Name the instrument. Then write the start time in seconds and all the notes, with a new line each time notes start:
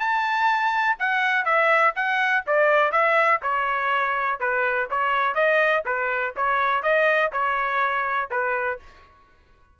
trumpet
0.00 A5
0.99 F#5
1.45 E5
1.96 F#5
2.47 D5
2.92 E5
3.42 C#5
4.40 B4
4.91 C#5
5.35 D#5
5.86 B4
6.37 C#5
6.83 D#5
7.33 C#5
8.31 B4